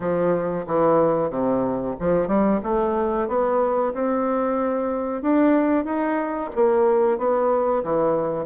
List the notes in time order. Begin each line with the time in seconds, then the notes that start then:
0.00 F3
0.66 E3
1.30 C3
1.99 F3
2.27 G3
2.63 A3
3.28 B3
3.93 C4
5.22 D4
5.85 D#4
6.55 A#3
7.17 B3
7.83 E3